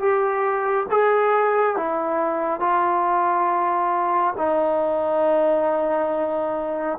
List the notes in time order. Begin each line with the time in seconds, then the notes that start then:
0.00 G4
0.91 G#4
1.77 E4
2.60 F4
4.38 D#4